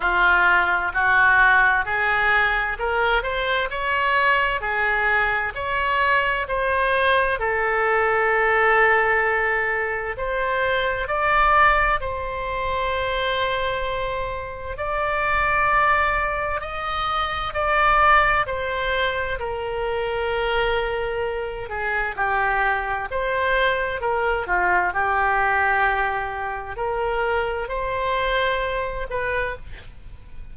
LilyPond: \new Staff \with { instrumentName = "oboe" } { \time 4/4 \tempo 4 = 65 f'4 fis'4 gis'4 ais'8 c''8 | cis''4 gis'4 cis''4 c''4 | a'2. c''4 | d''4 c''2. |
d''2 dis''4 d''4 | c''4 ais'2~ ais'8 gis'8 | g'4 c''4 ais'8 f'8 g'4~ | g'4 ais'4 c''4. b'8 | }